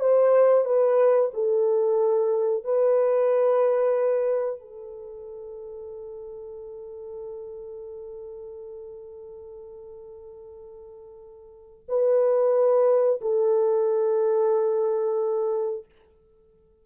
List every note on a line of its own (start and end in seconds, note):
0.00 0.65 C5
0.65 1.31 B4
1.34 2.64 A4
2.64 4.60 B4
4.60 11.85 A4
11.88 13.20 B4
13.21 15.85 A4